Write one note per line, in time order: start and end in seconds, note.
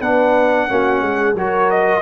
0.00 0.69 B3
0.00 0.69 D4
0.00 0.67 B4
0.00 1.36 F#5
0.69 1.02 A#3
0.69 1.36 C#4
0.69 1.04 F#4
1.02 1.34 G#3
1.02 1.36 G#4
1.34 2.02 F#3
1.34 2.02 F#4
1.34 2.02 A#4
1.34 1.71 C#5
1.71 2.02 D#5